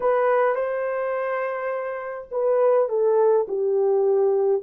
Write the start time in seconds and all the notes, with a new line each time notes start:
0.00 B4
0.55 C5
2.31 B4
2.88 A4
3.48 G4